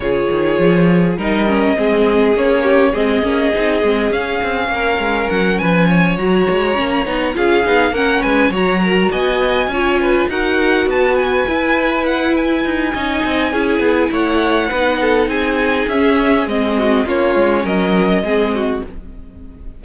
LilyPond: <<
  \new Staff \with { instrumentName = "violin" } { \time 4/4 \tempo 4 = 102 cis''2 dis''2 | cis''4 dis''2 f''4~ | f''4 fis''8 gis''4 ais''4.~ | ais''8 f''4 fis''8 gis''8 ais''4 gis''8~ |
gis''4. fis''4 a''8 gis''4~ | gis''8 fis''8 gis''2. | fis''2 gis''4 e''4 | dis''4 cis''4 dis''2 | }
  \new Staff \with { instrumentName = "violin" } { \time 4/4 gis'2 ais'4 gis'4~ | gis'8 g'8 gis'2. | ais'4. b'8 cis''2~ | cis''8 gis'4 ais'8 b'8 cis''8 ais'8 dis''8~ |
dis''8 cis''8 b'8 ais'4 b'4.~ | b'2 dis''4 gis'4 | cis''4 b'8 a'8 gis'2~ | gis'8 fis'8 f'4 ais'4 gis'8 fis'8 | }
  \new Staff \with { instrumentName = "viola" } { \time 4/4 f'2 dis'8 cis'8 c'4 | cis'4 c'8 cis'8 dis'8 c'8 cis'4~ | cis'2~ cis'8 fis'4 cis'8 | dis'8 f'8 dis'8 cis'4 fis'4.~ |
fis'8 f'4 fis'2 e'8~ | e'2 dis'4 e'4~ | e'4 dis'2 cis'4 | c'4 cis'2 c'4 | }
  \new Staff \with { instrumentName = "cello" } { \time 4/4 cis8 dis8 f4 g4 gis4 | ais4 gis8 ais8 c'8 gis8 cis'8 c'8 | ais8 gis8 fis8 f4 fis8 gis8 ais8 | b8 cis'8 b8 ais8 gis8 fis4 b8~ |
b8 cis'4 dis'4 b4 e'8~ | e'4. dis'8 cis'8 c'8 cis'8 b8 | a4 b4 c'4 cis'4 | gis4 ais8 gis8 fis4 gis4 | }
>>